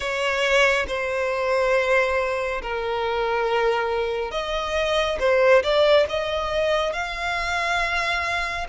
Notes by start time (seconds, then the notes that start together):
0.00 C#5
0.87 C5
2.61 A#4
4.31 D#5
5.19 C5
5.63 D5
6.09 D#5
6.92 F5